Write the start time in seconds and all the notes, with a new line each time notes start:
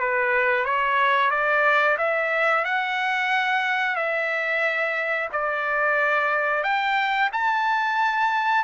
0.00 B4
0.65 C#5
1.31 D5
1.98 E5
2.65 F#5
3.96 E5
5.33 D5
6.64 G5
7.33 A5